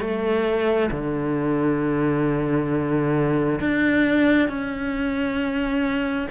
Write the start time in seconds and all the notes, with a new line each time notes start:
0.00 A3
0.91 D3
3.60 D4
4.49 C#4